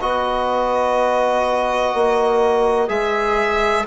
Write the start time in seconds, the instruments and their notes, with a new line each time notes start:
0.00 bassoon B3, trombone F#4, horn B4, violin D#5
1.94 bassoon A#3
2.88 bassoon G#3, trombone G#4, violin E5